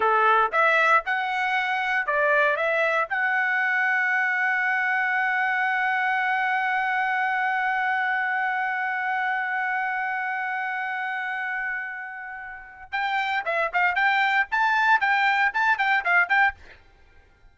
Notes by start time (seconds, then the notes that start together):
0.00 A4
0.51 E5
1.05 F#5
2.06 D5
2.56 E5
3.09 F#5
12.92 G5
13.45 E5
13.73 F5
13.95 G5
14.51 A5
15.00 G5
15.53 A5
15.78 G5
16.04 F5
16.28 G5